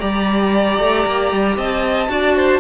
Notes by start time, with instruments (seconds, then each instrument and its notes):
0.00 cello G3, viola G4, violin D5 A#5
0.79 cello A3
1.06 cello A#3
1.32 cello G3
1.57 cello C4, violin D#5 A5
2.09 cello D4, viola F#4, violin D5
2.37 violin C5